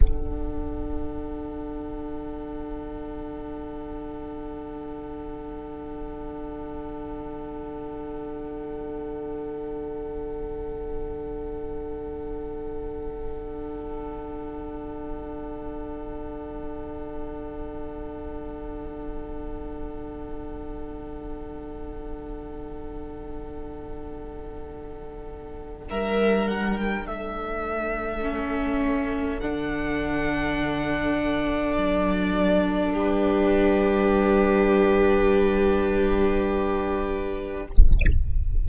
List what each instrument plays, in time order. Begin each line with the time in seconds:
0.00 cello D3, viola D4, violin A4 F#5
25.89 cello G3, violin A#4 E5
26.47 violin F#5
26.77 violin G5
27.05 cello A3, violin A4 E5
28.22 viola C#4
29.39 cello D3, viola D4, violin F#5
31.73 cello F#3, violin D5
32.92 cello G3, violin G4 B4